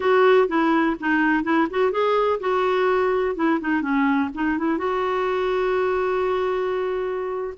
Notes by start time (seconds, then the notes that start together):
0.00 F#4
0.48 E4
1.00 D#4
1.43 E4
1.70 F#4
1.91 G#4
2.40 F#4
3.35 E4
3.60 D#4
3.81 C#4
4.34 D#4
4.58 E4
4.77 F#4